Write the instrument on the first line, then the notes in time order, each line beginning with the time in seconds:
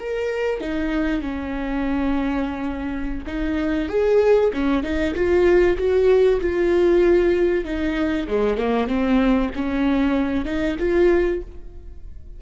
viola
0.00 A#4
0.61 D#4
1.22 C#4
3.27 D#4
3.89 G#4
4.54 C#4
4.83 D#4
5.15 F4
5.78 F#4
6.41 F4
7.65 D#4
8.28 G#3
8.58 A#3
8.88 C4
9.55 C#4
10.45 D#4
10.79 F4